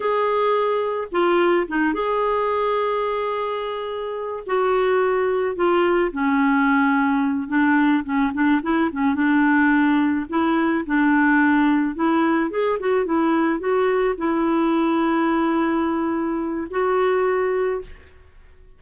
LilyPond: \new Staff \with { instrumentName = "clarinet" } { \time 4/4 \tempo 4 = 108 gis'2 f'4 dis'8 gis'8~ | gis'1 | fis'2 f'4 cis'4~ | cis'4. d'4 cis'8 d'8 e'8 |
cis'8 d'2 e'4 d'8~ | d'4. e'4 gis'8 fis'8 e'8~ | e'8 fis'4 e'2~ e'8~ | e'2 fis'2 | }